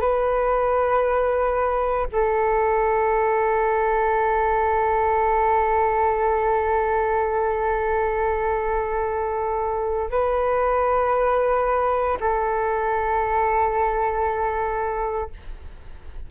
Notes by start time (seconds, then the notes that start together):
0.00 B4
2.12 A4
10.11 B4
12.20 A4